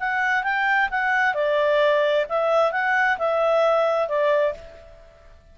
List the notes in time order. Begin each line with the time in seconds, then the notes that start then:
0.00 F#5
0.43 G5
0.91 F#5
1.34 D5
2.29 E5
2.72 F#5
3.18 E5
4.08 D5